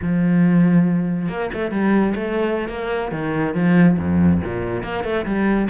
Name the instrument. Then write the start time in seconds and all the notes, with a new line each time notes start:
cello
0.02 F3
1.29 A#3
1.53 A3
1.71 G3
2.15 A3
2.68 A#3
3.11 D#3
3.54 F3
3.98 F2
4.44 A#2
4.83 A#3
5.04 A3
5.25 G3